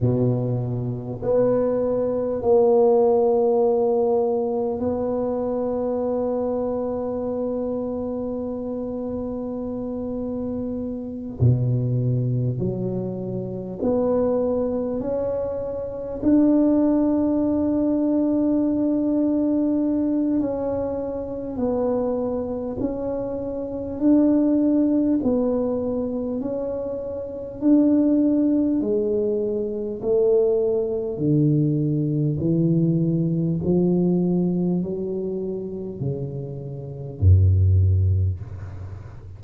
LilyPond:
\new Staff \with { instrumentName = "tuba" } { \time 4/4 \tempo 4 = 50 b,4 b4 ais2 | b1~ | b4. b,4 fis4 b8~ | b8 cis'4 d'2~ d'8~ |
d'4 cis'4 b4 cis'4 | d'4 b4 cis'4 d'4 | gis4 a4 d4 e4 | f4 fis4 cis4 fis,4 | }